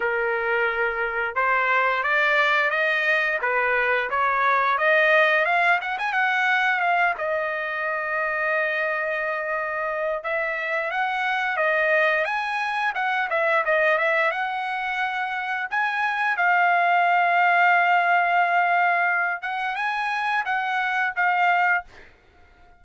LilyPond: \new Staff \with { instrumentName = "trumpet" } { \time 4/4 \tempo 4 = 88 ais'2 c''4 d''4 | dis''4 b'4 cis''4 dis''4 | f''8 fis''16 gis''16 fis''4 f''8 dis''4.~ | dis''2. e''4 |
fis''4 dis''4 gis''4 fis''8 e''8 | dis''8 e''8 fis''2 gis''4 | f''1~ | f''8 fis''8 gis''4 fis''4 f''4 | }